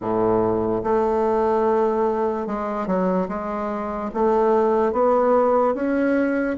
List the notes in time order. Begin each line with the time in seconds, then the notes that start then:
0.00 A2
0.83 A3
2.47 G#3
2.86 F#3
3.28 G#3
4.14 A3
4.92 B3
5.74 C#4